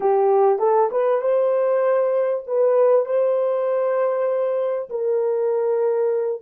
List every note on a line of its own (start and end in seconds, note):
0.00 0.58 G4
0.58 0.89 A4
0.91 1.21 B4
1.21 2.43 C5
2.47 3.05 B4
3.05 4.89 C5
4.89 6.41 A#4